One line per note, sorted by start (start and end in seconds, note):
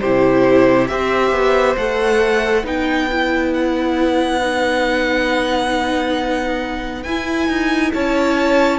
0.00 0.91 C3
0.00 0.89 E4
0.00 0.90 G4
0.00 0.88 C5
0.88 1.31 C4
0.88 1.77 G4
0.88 2.65 C5
0.88 1.76 E5
1.31 1.75 B3
1.77 2.64 A3
1.77 2.64 A4
1.77 2.66 F#5
2.64 7.05 B3
2.64 3.08 D#4
2.64 7.94 B4
2.64 3.54 G5
3.12 4.41 E4
3.54 7.03 F#5
4.41 7.05 D#4
7.03 7.48 E4
7.03 7.92 G#5
7.09 8.79 E4
7.48 7.92 D#4
7.94 8.79 C#4
7.94 8.79 C#5
7.94 8.79 A5